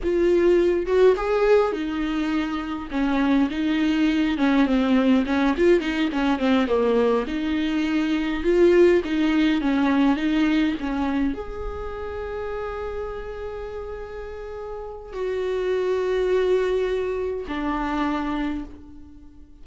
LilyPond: \new Staff \with { instrumentName = "viola" } { \time 4/4 \tempo 4 = 103 f'4. fis'8 gis'4 dis'4~ | dis'4 cis'4 dis'4. cis'8 | c'4 cis'8 f'8 dis'8 cis'8 c'8 ais8~ | ais8 dis'2 f'4 dis'8~ |
dis'8 cis'4 dis'4 cis'4 gis'8~ | gis'1~ | gis'2 fis'2~ | fis'2 d'2 | }